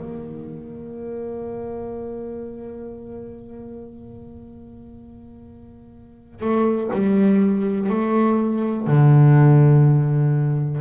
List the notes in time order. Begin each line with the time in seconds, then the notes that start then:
0.00 A#3
6.41 A3
6.93 G3
7.90 A3
8.87 D3